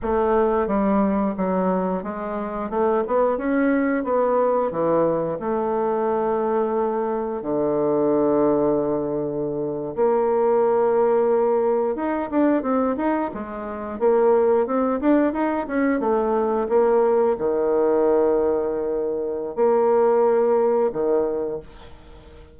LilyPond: \new Staff \with { instrumentName = "bassoon" } { \time 4/4 \tempo 4 = 89 a4 g4 fis4 gis4 | a8 b8 cis'4 b4 e4 | a2. d4~ | d2~ d8. ais4~ ais16~ |
ais4.~ ais16 dis'8 d'8 c'8 dis'8 gis16~ | gis8. ais4 c'8 d'8 dis'8 cis'8 a16~ | a8. ais4 dis2~ dis16~ | dis4 ais2 dis4 | }